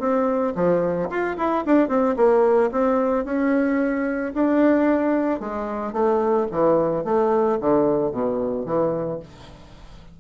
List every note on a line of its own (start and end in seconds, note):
0.00 0.54 C4
0.56 1.10 F3
1.10 1.37 F4
1.38 1.65 E4
1.66 1.89 D4
1.89 2.16 C4
2.17 2.71 A#3
2.72 3.26 C4
3.26 4.34 C#4
4.34 5.41 D4
5.41 5.93 G#3
5.93 6.47 A3
6.52 7.05 E3
7.05 7.59 A3
7.61 8.12 D3
8.12 8.66 B2
8.66 9.20 E3